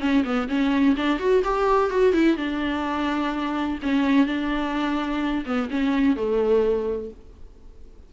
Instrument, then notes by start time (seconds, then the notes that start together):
viola
0.00 C#4
0.24 B3
0.49 C#4
0.96 D4
1.19 F#4
1.44 G4
1.90 F#4
2.13 E4
2.37 D4
3.82 C#4
4.26 D4
5.45 B3
5.70 C#4
6.16 A3